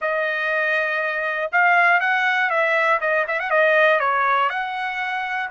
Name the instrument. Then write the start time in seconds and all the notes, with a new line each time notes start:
trumpet
0.01 D#5
1.52 F5
2.00 F#5
2.50 E5
3.00 D#5
3.27 E5
3.39 F#5
3.50 D#5
4.00 C#5
4.49 F#5